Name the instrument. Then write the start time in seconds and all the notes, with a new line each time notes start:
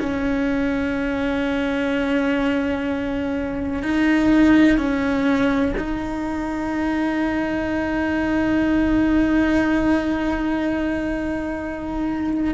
cello
0.00 C#4
3.83 D#4
4.78 C#4
5.78 D#4